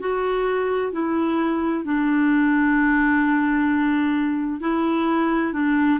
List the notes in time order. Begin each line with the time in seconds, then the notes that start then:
0.00 F#4
0.92 E4
1.85 D4
4.61 E4
5.53 D4